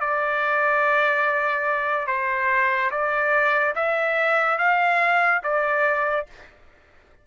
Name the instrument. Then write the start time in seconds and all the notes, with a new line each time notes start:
trumpet
0.00 D5
2.07 C5
2.91 D5
3.75 E5
4.58 F5
5.43 D5